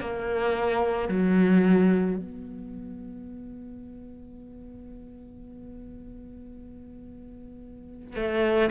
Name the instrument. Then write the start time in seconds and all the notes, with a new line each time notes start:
cello
0.00 A#3
1.08 F#3
2.17 B3
8.15 A3